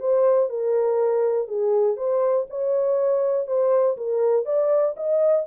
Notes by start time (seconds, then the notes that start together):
0.00 C5
0.49 A#4
1.48 G#4
1.97 C5
2.50 C#5
3.47 C5
3.97 A#4
4.46 D5
4.97 D#5